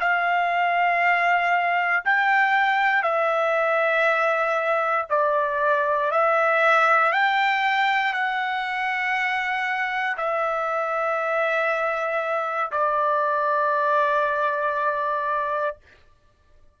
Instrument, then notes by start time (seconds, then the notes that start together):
trumpet
0.00 F5
2.04 G5
3.02 E5
5.09 D5
6.11 E5
7.12 G5
8.13 F#5
10.17 E5
12.71 D5